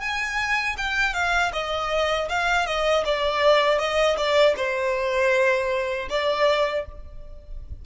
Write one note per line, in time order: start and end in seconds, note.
0.00 0.76 G#5
0.77 1.14 G5
1.14 1.52 F5
1.53 2.29 D#5
2.29 2.66 F5
2.66 3.04 D#5
3.04 3.78 D5
3.78 4.16 D#5
4.17 4.55 D5
4.56 6.08 C5
6.09 6.85 D5